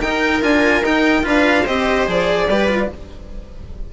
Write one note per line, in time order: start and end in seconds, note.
0.00 0.41 D#4
0.00 0.42 D#4
0.00 1.25 A#4
0.00 0.42 G5
0.42 0.81 D4
0.42 0.83 F4
0.42 0.84 G#5
0.81 1.23 D#4
0.81 1.22 D#4
0.81 1.26 G5
1.22 1.67 D4
1.22 1.64 F4
1.22 1.63 B4
1.22 1.67 F5
1.63 2.07 C4
1.63 2.07 G4
1.63 2.45 C5
1.63 2.08 D#5
2.07 2.47 F3
2.07 2.48 G#4
2.07 2.92 D5
2.47 2.89 G3
2.47 2.68 G4
2.47 2.91 B4
2.68 2.88 F4